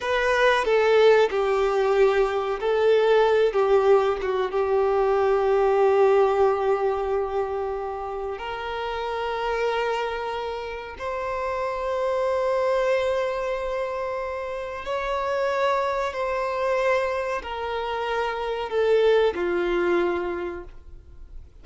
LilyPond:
\new Staff \with { instrumentName = "violin" } { \time 4/4 \tempo 4 = 93 b'4 a'4 g'2 | a'4. g'4 fis'8 g'4~ | g'1~ | g'4 ais'2.~ |
ais'4 c''2.~ | c''2. cis''4~ | cis''4 c''2 ais'4~ | ais'4 a'4 f'2 | }